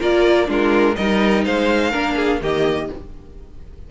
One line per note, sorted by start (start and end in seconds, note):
0.00 0.48 A#3
0.00 0.46 F4
0.00 0.48 A#4
0.00 0.50 D5
0.46 0.96 G#3
0.46 0.94 D4
0.46 0.97 F4
0.52 0.96 A#4
0.96 1.46 G3
0.96 1.93 D#4
0.96 1.45 A#4
0.96 1.44 D#5
1.45 1.94 G#3
1.45 1.91 C5
1.45 2.42 F5
1.91 2.42 A#3
1.91 2.41 D4
1.91 2.15 A#4
2.16 2.40 G#4
2.42 2.90 D#3
2.42 2.91 A#3
2.42 2.91 G4
2.42 2.92 D#5